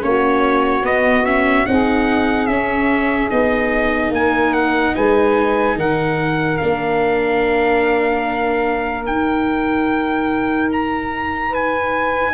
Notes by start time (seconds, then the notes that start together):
0.00 A#3 C#4 F#4 C#5
0.82 B3 D#5
1.25 C#4 E5
1.66 C4 D#4 G#4 F#5
2.46 C#4 E5
3.29 B3 D#4 D#5
4.10 A#3 A#4 G#5
4.53 F#5
4.94 G#3 B4 G#5
5.76 D#3 A#4 F#5
6.57 A#3 D4 F5
9.06 D#4 G5
10.72 A#5
11.49 B4 G#5